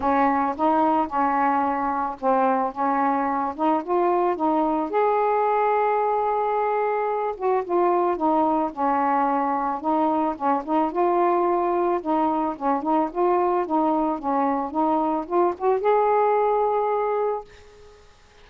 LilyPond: \new Staff \with { instrumentName = "saxophone" } { \time 4/4 \tempo 4 = 110 cis'4 dis'4 cis'2 | c'4 cis'4. dis'8 f'4 | dis'4 gis'2.~ | gis'4. fis'8 f'4 dis'4 |
cis'2 dis'4 cis'8 dis'8 | f'2 dis'4 cis'8 dis'8 | f'4 dis'4 cis'4 dis'4 | f'8 fis'8 gis'2. | }